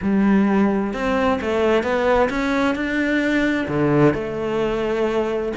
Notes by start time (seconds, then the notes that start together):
0.01 G3
0.93 C4
1.41 A3
1.83 B3
2.29 C#4
2.75 D4
3.67 D3
4.14 A3